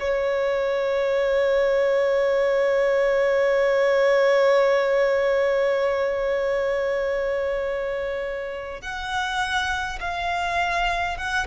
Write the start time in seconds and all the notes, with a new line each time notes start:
0.00 C#5
8.82 F#5
10.01 F5
11.18 F#5